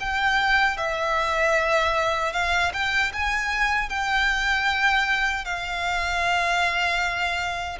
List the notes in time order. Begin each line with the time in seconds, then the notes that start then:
0.00 G5
0.77 E5
2.33 F5
2.73 G5
3.13 G#5
3.89 G5
5.45 F5